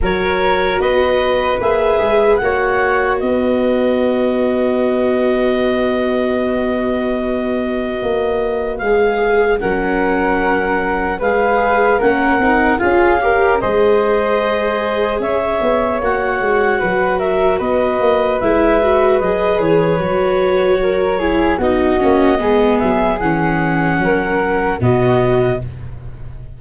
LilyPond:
<<
  \new Staff \with { instrumentName = "clarinet" } { \time 4/4 \tempo 4 = 75 cis''4 dis''4 e''4 fis''4 | dis''1~ | dis''2. f''4 | fis''2 f''4 fis''4 |
f''4 dis''2 e''4 | fis''4. e''8 dis''4 e''4 | dis''8 cis''2~ cis''8 dis''4~ | dis''8 e''8 fis''2 dis''4 | }
  \new Staff \with { instrumentName = "flute" } { \time 4/4 ais'4 b'2 cis''4 | b'1~ | b'1 | ais'2 b'4 ais'4 |
gis'8 ais'8 c''2 cis''4~ | cis''4 b'8 ais'8 b'2~ | b'2 ais'8 gis'8 fis'4 | gis'2 ais'4 fis'4 | }
  \new Staff \with { instrumentName = "viola" } { \time 4/4 fis'2 gis'4 fis'4~ | fis'1~ | fis'2. gis'4 | cis'2 gis'4 cis'8 dis'8 |
f'8 g'8 gis'2. | fis'2. e'8 fis'8 | gis'4 fis'4. e'8 dis'8 cis'8 | b4 cis'2 b4 | }
  \new Staff \with { instrumentName = "tuba" } { \time 4/4 fis4 b4 ais8 gis8 ais4 | b1~ | b2 ais4 gis4 | fis2 gis4 ais8 c'8 |
cis'4 gis2 cis'8 b8 | ais8 gis8 fis4 b8 ais8 gis4 | fis8 e8 fis2 b8 ais8 | gis8 fis8 e4 fis4 b,4 | }
>>